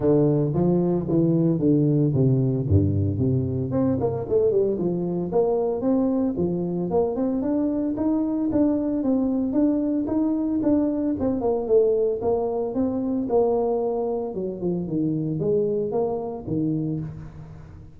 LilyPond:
\new Staff \with { instrumentName = "tuba" } { \time 4/4 \tempo 4 = 113 d4 f4 e4 d4 | c4 g,4 c4 c'8 ais8 | a8 g8 f4 ais4 c'4 | f4 ais8 c'8 d'4 dis'4 |
d'4 c'4 d'4 dis'4 | d'4 c'8 ais8 a4 ais4 | c'4 ais2 fis8 f8 | dis4 gis4 ais4 dis4 | }